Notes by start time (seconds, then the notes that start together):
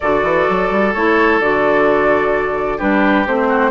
0.00 D3 F#4 A4 D5
0.23 E3
0.49 F#3
0.70 G3
0.93 A3 E4 C#5
1.39 D3 F#4 D5
2.77 G3 D4 G4 B4
3.26 A3 C4 C5
3.48 F#4